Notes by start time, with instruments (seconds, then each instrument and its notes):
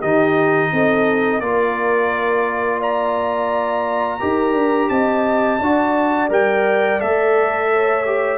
0.00 tuba D#3, trombone D#4, horn G4, trumpet D#5
0.73 tuba C4, horn A4
1.41 tuba A#3, trombone F4, horn A#4, trumpet D5
2.79 horn D5, trumpet A#5
4.20 tuba D#4, trombone G4, horn A#4
4.54 tuba D4
4.90 tuba C4, horn D#5, trumpet A5
5.60 tuba D4, trombone F#4, horn D5
6.30 tuba G3, trombone A#4, trumpet G5
7.00 tuba A3, trombone A4, trumpet E5
7.73 horn C#5
8.06 trombone G4